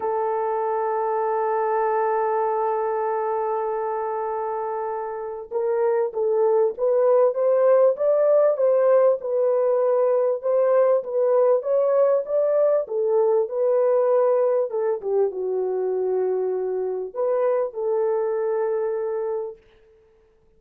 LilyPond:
\new Staff \with { instrumentName = "horn" } { \time 4/4 \tempo 4 = 98 a'1~ | a'1~ | a'4 ais'4 a'4 b'4 | c''4 d''4 c''4 b'4~ |
b'4 c''4 b'4 cis''4 | d''4 a'4 b'2 | a'8 g'8 fis'2. | b'4 a'2. | }